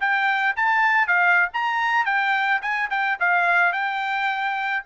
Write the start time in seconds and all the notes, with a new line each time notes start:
0.00 G5
0.56 A5
1.07 F5
1.53 A#5
2.05 G5
2.61 G#5
2.90 G5
3.19 F5
3.72 G5